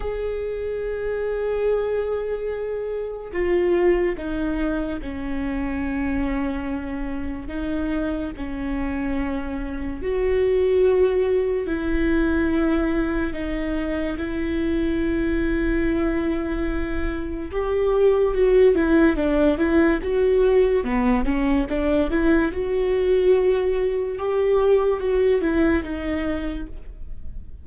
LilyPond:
\new Staff \with { instrumentName = "viola" } { \time 4/4 \tempo 4 = 72 gis'1 | f'4 dis'4 cis'2~ | cis'4 dis'4 cis'2 | fis'2 e'2 |
dis'4 e'2.~ | e'4 g'4 fis'8 e'8 d'8 e'8 | fis'4 b8 cis'8 d'8 e'8 fis'4~ | fis'4 g'4 fis'8 e'8 dis'4 | }